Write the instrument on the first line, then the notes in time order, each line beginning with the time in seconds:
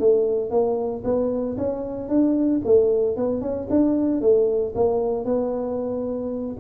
tuba
0.00 A3
0.51 A#3
1.05 B3
1.58 C#4
2.09 D4
2.65 A3
3.17 B3
3.42 C#4
3.71 D4
4.21 A3
4.76 A#3
5.25 B3